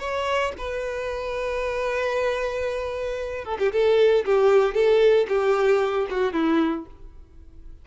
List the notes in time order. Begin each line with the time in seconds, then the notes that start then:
0.00 C#5
0.58 B4
3.45 A4
3.59 G4
3.72 A4
4.26 G4
4.75 A4
5.28 G4
6.10 F#4
6.33 E4